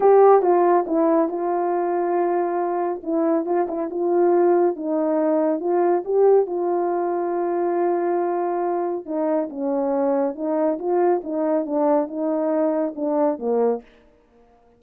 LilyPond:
\new Staff \with { instrumentName = "horn" } { \time 4/4 \tempo 4 = 139 g'4 f'4 e'4 f'4~ | f'2. e'4 | f'8 e'8 f'2 dis'4~ | dis'4 f'4 g'4 f'4~ |
f'1~ | f'4 dis'4 cis'2 | dis'4 f'4 dis'4 d'4 | dis'2 d'4 ais4 | }